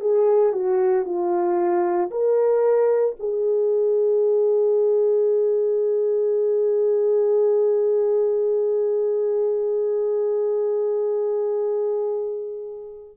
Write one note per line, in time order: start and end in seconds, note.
0.00 0.52 G#4
0.52 1.05 F#4
1.05 2.10 F4
2.11 3.16 A#4
3.19 13.17 G#4